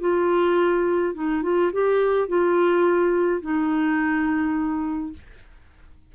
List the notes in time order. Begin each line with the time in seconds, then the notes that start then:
0.00 F4
1.14 D#4
1.42 F4
1.72 G4
2.28 F4
3.41 D#4